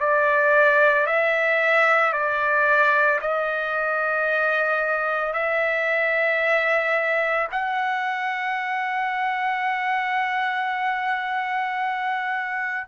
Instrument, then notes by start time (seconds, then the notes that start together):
trumpet
0.00 D5
1.06 E5
2.12 D5
3.21 D#5
5.33 E5
7.51 F#5